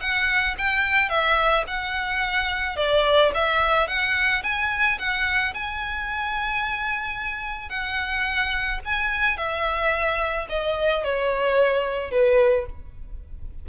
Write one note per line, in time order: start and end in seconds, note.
0.00 0.55 F#5
0.58 1.09 G5
1.09 1.64 E5
1.67 2.76 F#5
2.76 3.31 D5
3.34 3.87 E5
3.87 4.42 F#5
4.43 4.98 G#5
4.98 5.53 F#5
5.54 7.69 G#5
7.69 8.79 F#5
8.84 9.37 G#5
9.37 10.47 E5
10.49 11.04 D#5
11.04 12.11 C#5
12.11 12.66 B4